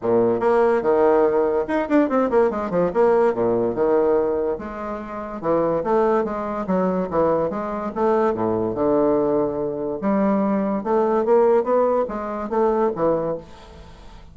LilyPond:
\new Staff \with { instrumentName = "bassoon" } { \time 4/4 \tempo 4 = 144 ais,4 ais4 dis2 | dis'8 d'8 c'8 ais8 gis8 f8 ais4 | ais,4 dis2 gis4~ | gis4 e4 a4 gis4 |
fis4 e4 gis4 a4 | a,4 d2. | g2 a4 ais4 | b4 gis4 a4 e4 | }